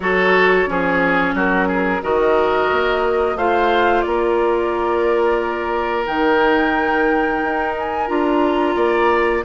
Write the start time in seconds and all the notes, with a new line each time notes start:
0.00 F#3 F#4 A4 C#5
0.66 F3 C#4 G#4
1.33 F#3 F#4 A#4
1.67 G#4
2.02 D#3 F#4 A#4 D#5
2.71 A#3
3.35 A3 F4 C5 F5
4.01 A#3 A#4 D5
6.05 D#3 D#4 G5
7.43 D#4
7.78 G#5
8.07 D4 F4 A#5
8.76 A#3 D5